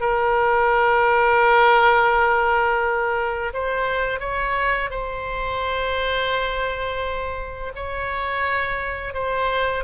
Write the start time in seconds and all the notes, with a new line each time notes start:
0.00 A#4
3.53 C5
4.20 C#5
4.90 C5
7.75 C#5
9.13 C5